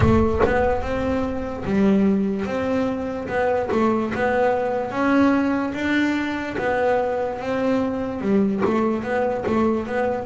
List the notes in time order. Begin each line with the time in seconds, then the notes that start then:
0.00 A3
0.45 B3
0.81 C4
1.64 G3
2.45 C4
3.28 B3
3.71 A3
4.14 B3
4.91 C#4
5.73 D4
6.57 B3
7.39 C4
8.21 G3
8.65 A3
9.03 B3
9.46 A3
9.86 B3